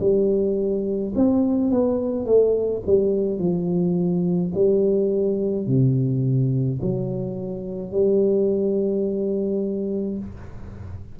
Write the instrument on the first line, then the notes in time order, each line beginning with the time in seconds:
tuba
0.00 G3
1.15 C4
1.71 B3
2.25 A3
2.86 G3
3.39 F3
4.54 G3
5.67 C3
6.82 F#3
7.91 G3